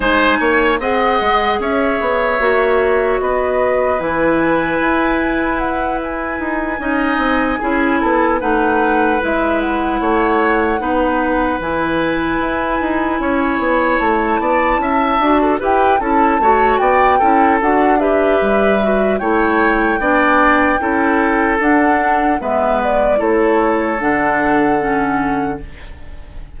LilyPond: <<
  \new Staff \with { instrumentName = "flute" } { \time 4/4 \tempo 4 = 75 gis''4 fis''4 e''2 | dis''4 gis''2 fis''8 gis''8~ | gis''2~ gis''8 fis''4 e''8 | fis''2~ fis''8 gis''4.~ |
gis''4. a''2 g''8 | a''4 g''4 fis''8 e''4. | g''2. fis''4 | e''8 d''8 cis''4 fis''2 | }
  \new Staff \with { instrumentName = "oboe" } { \time 4/4 c''8 cis''8 dis''4 cis''2 | b'1~ | b'8 dis''4 gis'8 a'8 b'4.~ | b'8 cis''4 b'2~ b'8~ |
b'8 cis''4. d''8 e''8. a'16 b'8 | a'8 cis''8 d''8 a'4 b'4. | cis''4 d''4 a'2 | b'4 a'2. | }
  \new Staff \with { instrumentName = "clarinet" } { \time 4/4 dis'4 gis'2 fis'4~ | fis'4 e'2.~ | e'8 dis'4 e'4 dis'4 e'8~ | e'4. dis'4 e'4.~ |
e'2. fis'8 g'8 | e'8 fis'4 e'8 fis'8 g'4 fis'8 | e'4 d'4 e'4 d'4 | b4 e'4 d'4 cis'4 | }
  \new Staff \with { instrumentName = "bassoon" } { \time 4/4 gis8 ais8 c'8 gis8 cis'8 b8 ais4 | b4 e4 e'2 | dis'8 cis'8 c'8 cis'8 b8 a4 gis8~ | gis8 a4 b4 e4 e'8 |
dis'8 cis'8 b8 a8 b8 cis'8 d'8 e'8 | cis'8 a8 b8 cis'8 d'4 g4 | a4 b4 cis'4 d'4 | gis4 a4 d2 | }
>>